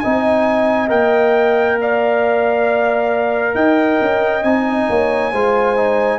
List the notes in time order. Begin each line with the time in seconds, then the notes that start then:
0.00 C4 D#4 D#5 G#5
0.89 A#3 A#4 G5
1.81 D5 F5
3.55 D#4 D#5 G5
4.01 C#4
4.43 C4 D#4 G#5
4.89 A#3 C#5
5.32 G#3 F4 C5
5.76 D#4